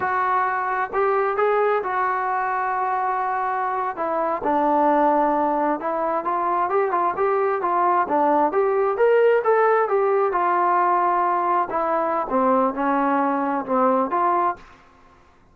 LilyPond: \new Staff \with { instrumentName = "trombone" } { \time 4/4 \tempo 4 = 132 fis'2 g'4 gis'4 | fis'1~ | fis'8. e'4 d'2~ d'16~ | d'8. e'4 f'4 g'8 f'8 g'16~ |
g'8. f'4 d'4 g'4 ais'16~ | ais'8. a'4 g'4 f'4~ f'16~ | f'4.~ f'16 e'4~ e'16 c'4 | cis'2 c'4 f'4 | }